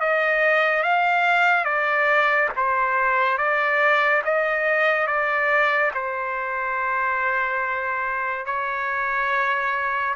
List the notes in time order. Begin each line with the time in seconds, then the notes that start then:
0.00 D#5
0.83 F5
1.65 D5
2.57 C5
3.38 D5
4.24 D#5
5.07 D5
5.94 C5
8.46 C#5